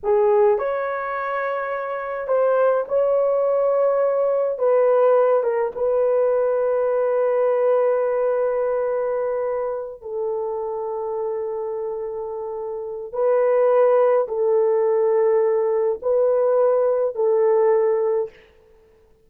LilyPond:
\new Staff \with { instrumentName = "horn" } { \time 4/4 \tempo 4 = 105 gis'4 cis''2. | c''4 cis''2. | b'4. ais'8 b'2~ | b'1~ |
b'4. a'2~ a'8~ | a'2. b'4~ | b'4 a'2. | b'2 a'2 | }